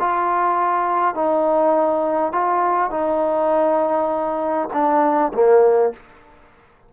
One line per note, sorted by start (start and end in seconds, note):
0.00 1.15 F4
1.15 2.33 D#4
2.33 2.91 F4
2.91 4.69 D#4
4.74 5.33 D4
5.34 5.94 A#3